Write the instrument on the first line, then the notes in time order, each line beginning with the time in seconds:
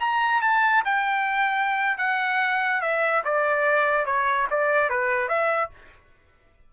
trumpet
0.00 A#5
0.42 A5
0.85 G5
1.98 F#5
2.81 E5
3.24 D5
4.05 C#5
4.51 D5
4.90 B4
5.29 E5